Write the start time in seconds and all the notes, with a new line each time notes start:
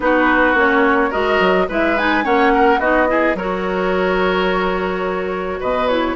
0.00 B3 D#4 F#4 B4
0.54 A#3 C#4 C#5
1.10 G#3 F#4 A#4 D#5
1.39 F#3
1.68 G#3 E4 B4 E5
1.97 D#4 G#5
2.23 A#3 C#4 C#5 F#5
2.54 A#4
2.78 B3 D#4 F#4 D#5
3.07 E4 G#4
3.34 F#3 F#4 A#4 C#5
5.59 B2 B4 D#5
5.87 E4 C#5